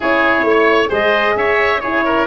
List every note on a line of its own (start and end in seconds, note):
0.00 0.43 C#4
0.00 0.88 E4
0.00 0.45 G#4
0.00 0.92 C#5
0.43 0.88 A3
0.43 0.89 C#5
0.88 1.35 G#3
0.88 1.79 G#4
0.88 1.34 C5
0.88 1.37 D#5
1.35 2.26 C#4
1.35 1.81 C#5
1.35 1.80 E5
1.80 2.26 E4
1.80 2.04 G#4
1.80 2.25 C#5
2.05 2.26 A#4